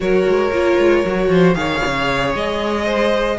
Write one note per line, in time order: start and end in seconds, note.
0.00 0.27 F#3
0.00 0.51 F#4
0.00 1.31 A#4
0.00 1.53 C#5
0.27 0.51 G#3
0.51 0.77 A#3
0.51 1.05 F4
0.78 1.04 G#3
1.05 1.28 F#3
1.05 1.55 F#4
1.28 1.54 F3
1.28 1.57 C5
1.53 1.81 D#3
1.53 3.37 G#4
1.53 2.85 C#5
1.53 2.32 F5
1.86 2.34 C#3
2.34 3.38 G#3
2.34 3.38 D#5
2.85 3.37 C5